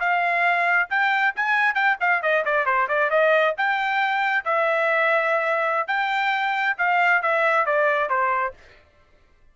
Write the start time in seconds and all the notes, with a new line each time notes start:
0.00 F5
0.90 G5
1.36 G#5
1.75 G5
2.00 F5
2.22 D#5
2.45 D5
2.66 C5
2.88 D5
3.10 D#5
3.57 G5
4.45 E5
5.87 G5
6.78 F5
7.22 E5
7.66 D5
8.09 C5